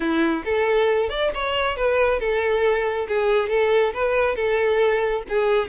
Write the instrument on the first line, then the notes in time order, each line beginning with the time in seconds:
violin
0.00 E4
0.44 A4
1.09 D5
1.34 C#5
1.76 B4
2.19 A4
3.08 G#4
3.49 A4
3.93 B4
4.35 A4
5.29 G#4